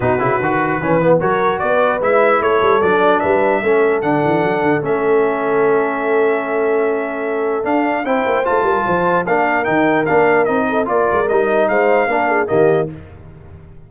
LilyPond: <<
  \new Staff \with { instrumentName = "trumpet" } { \time 4/4 \tempo 4 = 149 b'2. cis''4 | d''4 e''4 cis''4 d''4 | e''2 fis''2 | e''1~ |
e''2. f''4 | g''4 a''2 f''4 | g''4 f''4 dis''4 d''4 | dis''4 f''2 dis''4 | }
  \new Staff \with { instrumentName = "horn" } { \time 4/4 fis'2 b'4 ais'4 | b'2 a'2 | b'4 a'2.~ | a'1~ |
a'1 | c''4. ais'8 c''4 ais'4~ | ais'2~ ais'8 a'8 ais'4~ | ais'4 c''4 ais'8 gis'8 g'4 | }
  \new Staff \with { instrumentName = "trombone" } { \time 4/4 dis'8 e'8 fis'4 cis'8 b8 fis'4~ | fis'4 e'2 d'4~ | d'4 cis'4 d'2 | cis'1~ |
cis'2. d'4 | e'4 f'2 d'4 | dis'4 d'4 dis'4 f'4 | dis'2 d'4 ais4 | }
  \new Staff \with { instrumentName = "tuba" } { \time 4/4 b,8 cis8 dis4 e4 fis4 | b4 gis4 a8 g8 fis4 | g4 a4 d8 e8 fis8 d8 | a1~ |
a2. d'4 | c'8 ais8 a8 g8 f4 ais4 | dis4 ais4 c'4 ais8 gis8 | g4 gis4 ais4 dis4 | }
>>